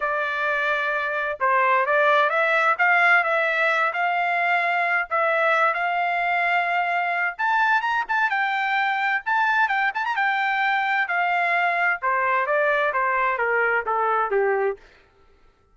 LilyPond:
\new Staff \with { instrumentName = "trumpet" } { \time 4/4 \tempo 4 = 130 d''2. c''4 | d''4 e''4 f''4 e''4~ | e''8 f''2~ f''8 e''4~ | e''8 f''2.~ f''8 |
a''4 ais''8 a''8 g''2 | a''4 g''8 a''16 ais''16 g''2 | f''2 c''4 d''4 | c''4 ais'4 a'4 g'4 | }